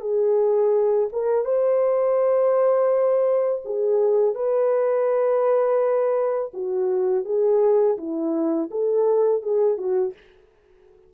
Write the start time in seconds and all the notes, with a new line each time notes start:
0.00 G#4
1.12 A#4
1.45 C5
3.64 G#4
4.35 B4
6.53 F#4
7.25 G#4
7.97 E4
8.70 A4
9.42 G#4
9.77 F#4